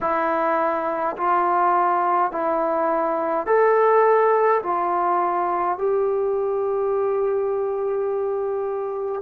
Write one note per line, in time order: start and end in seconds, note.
0.01 1.16 E4
1.17 2.31 F4
2.31 3.46 E4
3.46 4.62 A4
4.63 5.77 F4
5.77 9.22 G4